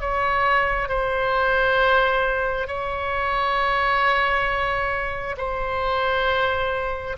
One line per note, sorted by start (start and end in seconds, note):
0.00 0.88 C#5
0.88 2.67 C5
2.67 5.36 C#5
5.37 7.16 C5